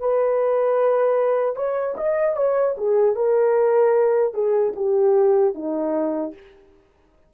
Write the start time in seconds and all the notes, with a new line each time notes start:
0.00 B4
1.56 C#5
1.97 D#5
2.36 C#5
2.78 G#4
3.16 A#4
4.34 G#4
4.76 G4
5.55 D#4